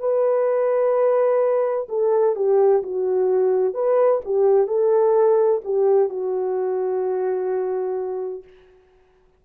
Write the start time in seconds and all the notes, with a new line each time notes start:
0.00 B4
1.89 A4
2.36 G4
2.83 F#4
3.74 B4
4.25 G4
4.67 A4
5.65 G4
6.09 F#4